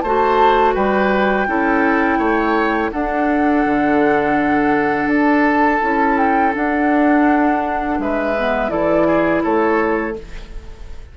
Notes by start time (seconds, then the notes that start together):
0.00 A3 F#4 C5 A5
0.74 G3 B4 G5
1.47 C#4 E4 A4
2.18 A3 C#5
2.91 D4 A4 F#5
3.65 D3
5.06 D4 A5
5.81 C#4 E4
6.17 G5
6.53 D4 F#5
7.98 G#3 B4 E5
8.37 B3
8.69 E3 E4 A4 D5
9.06 G#4
9.43 A3 A4 C#5